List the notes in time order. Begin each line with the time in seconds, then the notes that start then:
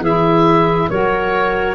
0.00 E3 E4 G#4 E5
0.89 F#3 F#4 A#4 C#5